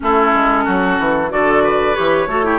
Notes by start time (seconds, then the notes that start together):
0.00 A3 C#4 E4 A4
0.34 G#3
0.64 F#3 F#4
0.99 E3
1.29 D3 F#4 A4 D5
1.63 B4
1.94 E3 G4 C#5
2.27 A3 F#4 A4
2.43 E4 G4